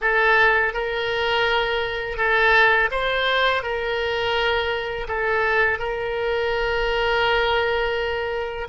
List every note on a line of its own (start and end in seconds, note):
0.01 0.73 A4
0.73 2.17 A#4
2.17 2.89 A4
2.91 3.62 C5
3.62 5.07 A#4
5.08 5.78 A4
5.78 8.67 A#4